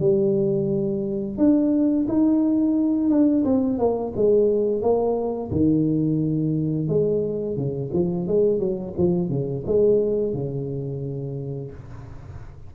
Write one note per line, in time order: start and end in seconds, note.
0.00 1.38 G3
1.38 2.07 D4
2.08 3.10 D#4
3.10 3.45 D4
3.45 3.78 C4
3.78 4.13 A#3
4.16 4.82 G#3
4.82 5.51 A#3
5.51 6.88 D#3
6.88 7.56 G#3
7.56 7.91 C#3
7.93 8.27 F3
8.27 8.59 G#3
8.59 8.94 F#3
8.98 9.29 F3
9.29 9.64 C#3
9.67 10.34 G#3
10.34 11.71 C#3